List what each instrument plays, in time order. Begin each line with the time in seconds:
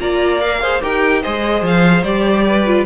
0.00 cello A#3, viola F4, violin D5 A#5
0.40 viola A#4, violin F5
0.62 viola G#4, violin C5
0.82 cello D#4, viola G4, violin A#4 G5
1.22 cello G#3, viola G#4, violin C5 D#5
1.62 cello F3, violin F5
2.04 cello G3, viola G4, violin D5
2.47 violin B4
2.66 viola F4